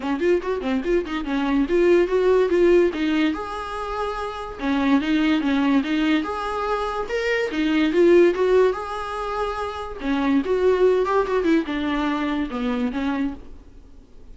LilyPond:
\new Staff \with { instrumentName = "viola" } { \time 4/4 \tempo 4 = 144 cis'8 f'8 fis'8 c'8 f'8 dis'8 cis'4 | f'4 fis'4 f'4 dis'4 | gis'2. cis'4 | dis'4 cis'4 dis'4 gis'4~ |
gis'4 ais'4 dis'4 f'4 | fis'4 gis'2. | cis'4 fis'4. g'8 fis'8 e'8 | d'2 b4 cis'4 | }